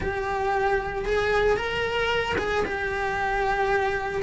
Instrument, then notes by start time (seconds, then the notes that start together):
cello
0.00 G4
1.05 G#4
1.56 A#4
2.38 G#4
2.65 G4